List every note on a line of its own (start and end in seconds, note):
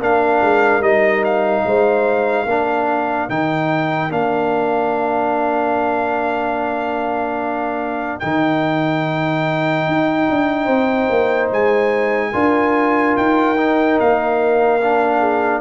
0.00 0.41 A#3
0.00 0.82 D4
0.00 1.65 A#4
0.00 0.83 F5
0.42 0.80 G#3
0.80 1.62 G3
0.80 2.46 D#4
0.80 1.24 D#5
1.24 3.30 F5
1.65 2.45 G#3
1.65 2.47 C5
2.45 3.28 A#3
2.45 3.29 D4
2.45 10.65 A#4
3.29 4.11 D#3
3.29 4.10 D#4
3.29 4.12 G5
4.10 8.22 A#3
4.10 8.21 D4
4.10 8.20 F5
8.20 9.87 D#3
8.20 12.33 D#4
8.20 11.48 G5
9.87 10.28 D#4
10.29 10.67 D4
10.65 11.08 C4
10.65 12.29 C5
11.10 11.51 A#3
11.51 12.34 G#3
11.51 13.17 G#5
12.32 13.16 D4
12.32 13.56 F4
12.32 15.19 A#4
13.17 13.99 D#4
13.17 13.99 G5
13.57 14.80 D#4
13.99 15.61 A#3
13.99 15.61 F5
14.81 15.61 D4
15.19 15.60 G#4